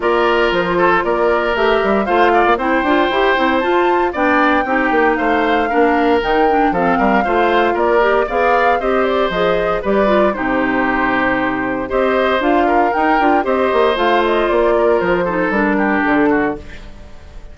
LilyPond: <<
  \new Staff \with { instrumentName = "flute" } { \time 4/4 \tempo 4 = 116 d''4 c''4 d''4 e''4 | f''4 g''2 a''4 | g''2 f''2 | g''4 f''2 d''4 |
f''4 dis''8 d''8 dis''4 d''4 | c''2. dis''4 | f''4 g''4 dis''4 f''8 dis''8 | d''4 c''4 ais'4 a'4 | }
  \new Staff \with { instrumentName = "oboe" } { \time 4/4 ais'4. a'8 ais'2 | c''8 d''8 c''2. | d''4 g'4 c''4 ais'4~ | ais'4 a'8 ais'8 c''4 ais'4 |
d''4 c''2 b'4 | g'2. c''4~ | c''8 ais'4. c''2~ | c''8 ais'4 a'4 g'4 fis'8 | }
  \new Staff \with { instrumentName = "clarinet" } { \time 4/4 f'2. g'4 | f'4 e'8 f'8 g'8 e'8 f'4 | d'4 dis'2 d'4 | dis'8 d'8 c'4 f'4. g'8 |
gis'4 g'4 gis'4 g'8 f'8 | dis'2. g'4 | f'4 dis'8 f'8 g'4 f'4~ | f'4. dis'8 d'2 | }
  \new Staff \with { instrumentName = "bassoon" } { \time 4/4 ais4 f4 ais4 a8 g8 | a8. ais16 c'8 d'8 e'8 c'8 f'4 | b4 c'8 ais8 a4 ais4 | dis4 f8 g8 a4 ais4 |
b4 c'4 f4 g4 | c2. c'4 | d'4 dis'8 d'8 c'8 ais8 a4 | ais4 f4 g4 d4 | }
>>